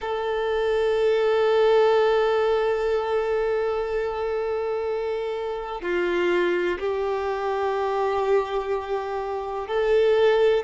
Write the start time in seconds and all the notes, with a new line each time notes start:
0.01 A4
5.81 F4
6.79 G4
9.67 A4